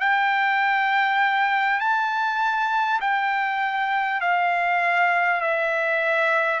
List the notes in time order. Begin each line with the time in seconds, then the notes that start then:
0.00 G5
1.79 A5
3.01 G5
4.21 F5
5.41 E5